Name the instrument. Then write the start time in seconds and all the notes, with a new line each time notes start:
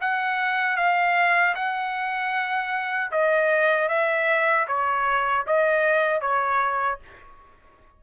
trumpet
0.00 F#5
0.77 F5
1.55 F#5
3.11 D#5
3.88 E5
4.67 C#5
5.46 D#5
6.21 C#5